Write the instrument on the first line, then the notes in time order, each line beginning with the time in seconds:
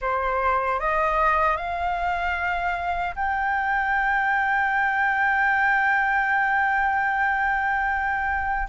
flute
0.01 C5
0.79 D#5
1.56 F5
3.15 G5